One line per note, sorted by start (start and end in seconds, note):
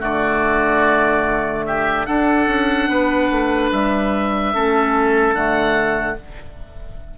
0.00 2.08 D3
0.00 2.05 A3
0.00 1.65 F#4
0.00 1.66 D5
1.66 2.07 G4
1.66 2.06 E5
2.06 4.54 D4
2.06 2.47 D4
2.06 2.89 A4
2.06 3.70 F#5
2.47 2.88 C#4
2.88 3.29 B3
2.88 4.54 B4
3.32 3.72 A3
3.72 4.54 G3
3.72 5.35 E5
4.54 5.33 A3
4.54 5.35 C#4
4.54 6.18 A4
5.33 6.15 D3
5.33 6.17 A3
5.33 6.17 F#5